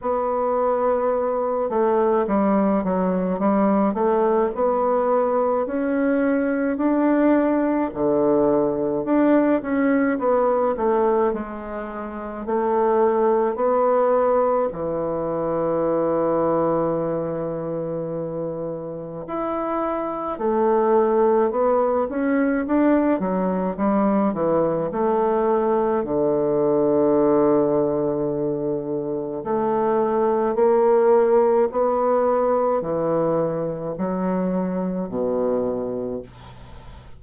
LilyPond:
\new Staff \with { instrumentName = "bassoon" } { \time 4/4 \tempo 4 = 53 b4. a8 g8 fis8 g8 a8 | b4 cis'4 d'4 d4 | d'8 cis'8 b8 a8 gis4 a4 | b4 e2.~ |
e4 e'4 a4 b8 cis'8 | d'8 fis8 g8 e8 a4 d4~ | d2 a4 ais4 | b4 e4 fis4 b,4 | }